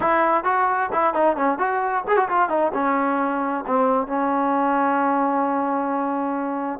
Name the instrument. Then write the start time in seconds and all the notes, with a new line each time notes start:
trombone
0.00 E4
0.44 F#4
0.92 E4
1.14 D#4
1.36 C#4
1.58 F#4
2.07 G#4
2.17 F#4
2.28 F4
2.49 D#4
2.73 C#4
3.66 C4
4.07 C#4